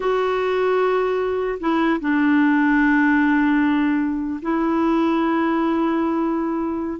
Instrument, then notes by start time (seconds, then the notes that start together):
clarinet
0.00 F#4
1.60 E4
2.00 D4
4.42 E4